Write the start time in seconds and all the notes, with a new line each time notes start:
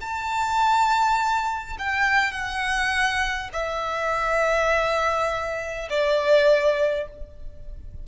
0.00 A5
1.78 G5
2.32 F#5
3.53 E5
5.89 D5